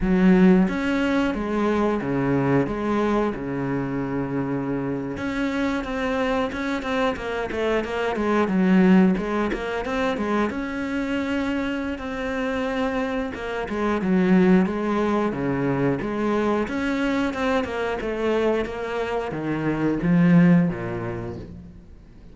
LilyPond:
\new Staff \with { instrumentName = "cello" } { \time 4/4 \tempo 4 = 90 fis4 cis'4 gis4 cis4 | gis4 cis2~ cis8. cis'16~ | cis'8. c'4 cis'8 c'8 ais8 a8 ais16~ | ais16 gis8 fis4 gis8 ais8 c'8 gis8 cis'16~ |
cis'2 c'2 | ais8 gis8 fis4 gis4 cis4 | gis4 cis'4 c'8 ais8 a4 | ais4 dis4 f4 ais,4 | }